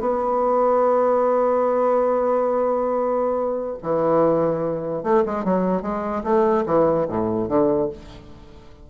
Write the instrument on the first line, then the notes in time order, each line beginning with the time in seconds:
bassoon
0.00 B3
3.83 E3
5.03 A3
5.25 G#3
5.44 F#3
5.82 G#3
6.23 A3
6.66 E3
7.08 A2
7.48 D3